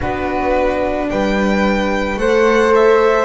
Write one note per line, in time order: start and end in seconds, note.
0.00 1.10 B3
0.00 2.18 D4
0.00 1.07 F#4
0.00 1.10 B4
1.10 2.16 G3
1.10 2.20 B4
1.10 2.18 G5
2.16 3.25 A3
2.16 3.25 A4
2.16 3.25 C5
2.16 2.73 F#5
2.74 3.25 E5